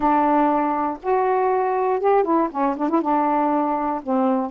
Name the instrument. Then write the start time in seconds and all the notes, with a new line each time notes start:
saxophone
0.00 D4
1.02 F#4
2.00 G4
2.23 E4
2.51 C#4
2.76 D4
2.89 E4
3.01 D4
4.02 C4